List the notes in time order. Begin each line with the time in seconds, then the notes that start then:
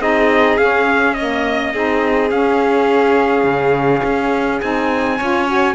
0.00 C4 D#4 G#4 D#5
0.57 C#4 F5
1.14 A#3 D#5
1.73 C4 D#4 G#4
2.29 C#4 F5
3.44 C#3
4.03 C#4
4.60 C4 D#4 G#5
5.17 C#4 F4 C#5
5.47 F#4